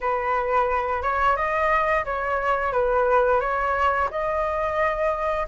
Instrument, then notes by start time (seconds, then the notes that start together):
flute
0.01 B4
1.02 C#5
1.36 D#5
2.05 C#5
2.72 B4
3.40 C#5
4.10 D#5